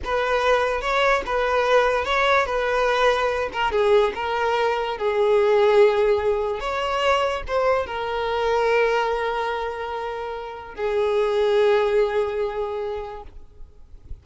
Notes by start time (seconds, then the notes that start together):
0.04 B4
0.81 C#5
1.26 B4
2.04 C#5
2.45 B4
3.52 A#4
3.71 G#4
4.15 A#4
4.97 G#4
6.60 C#5
7.47 C5
7.86 A#4
10.74 G#4